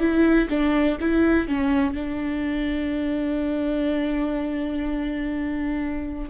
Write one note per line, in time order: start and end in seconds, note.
0.00 0.48 E4
0.50 0.98 D4
1.01 1.48 E4
1.48 1.94 C#4
1.94 6.29 D4